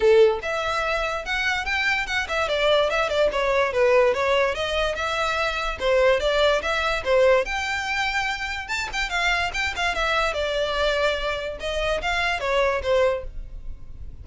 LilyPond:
\new Staff \with { instrumentName = "violin" } { \time 4/4 \tempo 4 = 145 a'4 e''2 fis''4 | g''4 fis''8 e''8 d''4 e''8 d''8 | cis''4 b'4 cis''4 dis''4 | e''2 c''4 d''4 |
e''4 c''4 g''2~ | g''4 a''8 g''8 f''4 g''8 f''8 | e''4 d''2. | dis''4 f''4 cis''4 c''4 | }